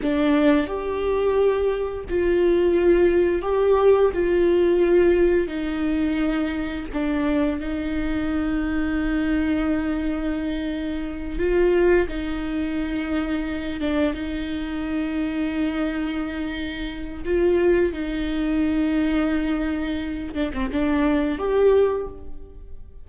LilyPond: \new Staff \with { instrumentName = "viola" } { \time 4/4 \tempo 4 = 87 d'4 g'2 f'4~ | f'4 g'4 f'2 | dis'2 d'4 dis'4~ | dis'1~ |
dis'8 f'4 dis'2~ dis'8 | d'8 dis'2.~ dis'8~ | dis'4 f'4 dis'2~ | dis'4. d'16 c'16 d'4 g'4 | }